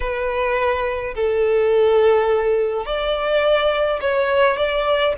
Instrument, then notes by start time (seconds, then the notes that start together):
violin
0.00 B4
1.14 A4
2.85 D5
4.00 C#5
4.56 D5